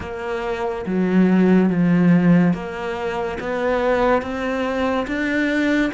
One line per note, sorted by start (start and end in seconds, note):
0.00 0.85 A#3
0.86 1.69 F#3
1.69 2.53 F3
2.53 3.38 A#3
3.40 4.22 B3
4.22 5.06 C4
5.07 5.91 D4